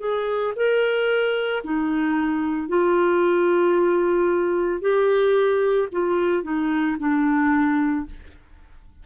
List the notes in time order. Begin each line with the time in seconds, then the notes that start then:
0.00 G#4
0.56 A#4
1.64 D#4
2.68 F4
4.81 G4
5.92 F4
6.43 D#4
6.99 D4